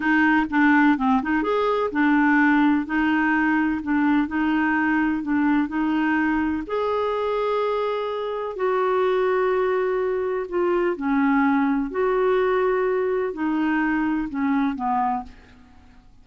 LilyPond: \new Staff \with { instrumentName = "clarinet" } { \time 4/4 \tempo 4 = 126 dis'4 d'4 c'8 dis'8 gis'4 | d'2 dis'2 | d'4 dis'2 d'4 | dis'2 gis'2~ |
gis'2 fis'2~ | fis'2 f'4 cis'4~ | cis'4 fis'2. | dis'2 cis'4 b4 | }